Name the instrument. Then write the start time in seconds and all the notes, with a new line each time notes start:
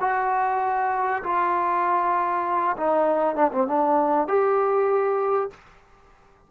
trombone
0.00 F#4
1.23 F4
2.77 D#4
3.35 D4
3.52 C4
3.67 D4
4.27 G4